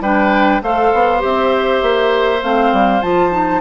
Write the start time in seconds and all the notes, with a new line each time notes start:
0.00 G3 D4 B4 G5
0.62 A3 A4 C5 F5
0.93 B3
1.18 C4 G4 E5
1.82 A#3
2.42 A3 C4 F5
2.72 G3
3.01 F3 F4 A5
3.31 D#4